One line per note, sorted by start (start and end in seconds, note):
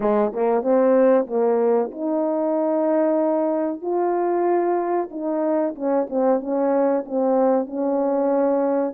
0.00 0.32 G#3
0.32 0.62 A#3
0.62 1.26 C4
1.26 1.90 A#3
1.91 3.81 D#4
3.81 5.09 F4
5.10 5.74 D#4
5.75 6.07 C#4
6.09 6.40 C4
6.40 7.04 C#4
7.05 7.66 C4
7.66 8.94 C#4